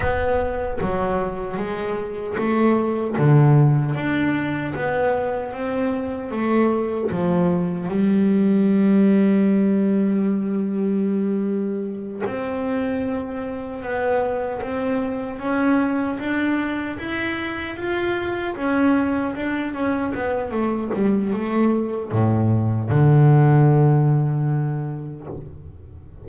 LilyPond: \new Staff \with { instrumentName = "double bass" } { \time 4/4 \tempo 4 = 76 b4 fis4 gis4 a4 | d4 d'4 b4 c'4 | a4 f4 g2~ | g2.~ g8 c'8~ |
c'4. b4 c'4 cis'8~ | cis'8 d'4 e'4 f'4 cis'8~ | cis'8 d'8 cis'8 b8 a8 g8 a4 | a,4 d2. | }